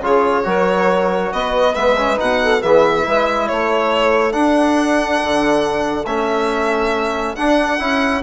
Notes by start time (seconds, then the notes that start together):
0.00 C#3 F4 G#4 C#5
0.44 F#3 F#4 A#4
1.32 B3 B4 D#5
1.74 G#3 B3 E5
1.97 C#4
2.16 B2 D#4 F#5
2.42 A4
2.62 E3 B3 G#4 E5
3.02 G#3 E4 B4
3.47 A3 A4 C#5
4.32 D4 F#5
5.23 D3
6.05 A3 C#4 E5
7.35 D4 F#5
7.79 C#4 E4